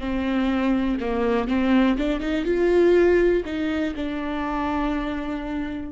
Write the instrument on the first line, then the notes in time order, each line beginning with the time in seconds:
viola
0.00 C4
1.00 A#3
1.48 C4
1.98 D4
2.20 D#4
2.45 F4
3.45 D#4
3.96 D4